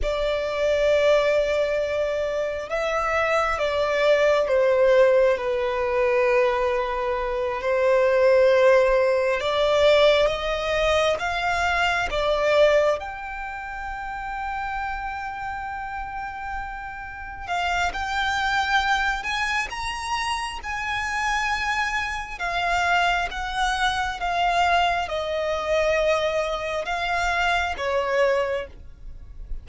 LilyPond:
\new Staff \with { instrumentName = "violin" } { \time 4/4 \tempo 4 = 67 d''2. e''4 | d''4 c''4 b'2~ | b'8 c''2 d''4 dis''8~ | dis''8 f''4 d''4 g''4.~ |
g''2.~ g''8 f''8 | g''4. gis''8 ais''4 gis''4~ | gis''4 f''4 fis''4 f''4 | dis''2 f''4 cis''4 | }